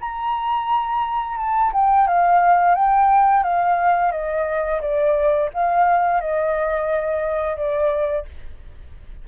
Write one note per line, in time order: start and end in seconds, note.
0.00 1.37 A#5
1.37 1.71 A5
1.72 2.07 G5
2.07 2.74 F5
2.74 3.43 G5
3.43 4.11 F5
4.11 4.80 D#5
4.81 5.50 D5
5.53 6.20 F5
6.20 7.56 D#5
7.56 8.25 D5